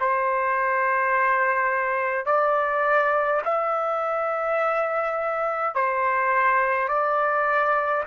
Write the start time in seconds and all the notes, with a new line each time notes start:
0.00 C5
2.26 D5
3.45 E5
5.74 C5
6.88 D5